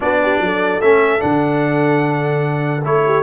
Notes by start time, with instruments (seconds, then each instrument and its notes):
0.00 tuba B3, trombone D4, horn F#4, trumpet D5
0.22 horn G4
0.40 tuba F#3, horn A4
0.81 tuba A3, trombone C#4, trumpet E5
1.19 tuba D3, trombone D4, trumpet F#5
2.84 tuba A3, trombone E4, trumpet C#5
3.05 horn G4